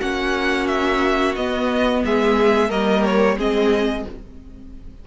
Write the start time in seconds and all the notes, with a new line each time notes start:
0.00 A#3 C#4 F#4 F#5
0.68 E5
1.36 B3 D#5
2.05 G#3 G#4 E5
2.69 G3 A#3 A#4 D#5
3.05 C#5
3.38 G#3 C4 G#4 D#5